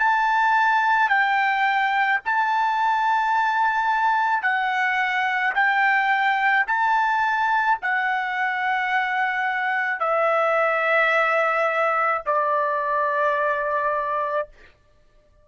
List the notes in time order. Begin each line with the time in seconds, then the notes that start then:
0.00 A5
1.09 G5
2.25 A5
4.43 F#5
5.55 G5
6.68 A5
7.82 F#5
10.01 E5
12.26 D5